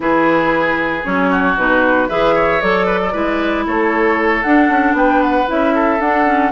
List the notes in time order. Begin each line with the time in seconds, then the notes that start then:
0.00 E3 E4 G#4 B4
1.03 F#3 C#4 C#5
1.30 F#4
1.56 B2 D#4 B4
2.08 E3 G#4 B4 E5
2.34 C#5
2.60 F#3 A4 D5
2.86 B4
3.02 A4
3.12 G#3 E4 B4
3.66 A3 A4 C#5
4.42 D4 F#5
4.69 C#4
4.92 B3 B4 G5
5.22 F#5
5.46 C#4 E4 E5
5.74 A4
5.99 D4 F#5
6.25 C#4